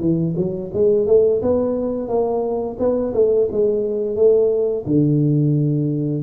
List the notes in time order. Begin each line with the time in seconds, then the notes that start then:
0.00 E3
0.36 F#3
0.73 G#3
1.07 A3
1.42 B3
2.08 A#3
2.79 B3
3.14 A3
3.51 G#3
4.16 A3
4.86 D3